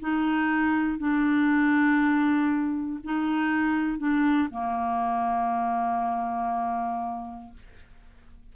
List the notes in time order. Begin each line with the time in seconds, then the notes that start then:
0.00 D#4
0.98 D4
3.04 D#4
3.98 D4
4.51 A#3